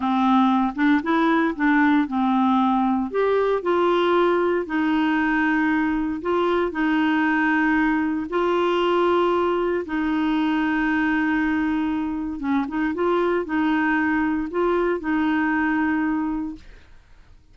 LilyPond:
\new Staff \with { instrumentName = "clarinet" } { \time 4/4 \tempo 4 = 116 c'4. d'8 e'4 d'4 | c'2 g'4 f'4~ | f'4 dis'2. | f'4 dis'2. |
f'2. dis'4~ | dis'1 | cis'8 dis'8 f'4 dis'2 | f'4 dis'2. | }